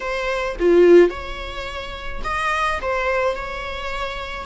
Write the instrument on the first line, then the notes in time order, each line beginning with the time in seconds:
viola
0.00 C5
0.59 F4
1.09 C#5
2.24 D#5
2.81 C5
3.35 C#5